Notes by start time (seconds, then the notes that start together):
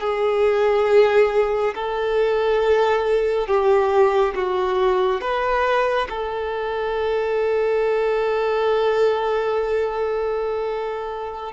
0.00 G#4
1.74 A4
3.47 G4
4.34 F#4
5.21 B4
6.09 A4